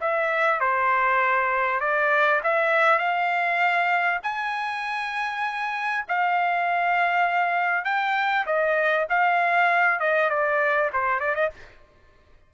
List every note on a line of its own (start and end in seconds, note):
0.00 0.60 E5
0.60 1.80 C5
1.80 2.40 D5
2.43 2.98 E5
2.98 4.20 F5
4.23 6.05 G#5
6.08 7.84 F5
7.84 8.45 G5
8.46 9.07 D#5
9.09 9.99 F5
9.99 10.29 D#5
10.29 10.90 D5
10.93 11.20 C5
11.20 11.35 D5
11.35 11.50 D#5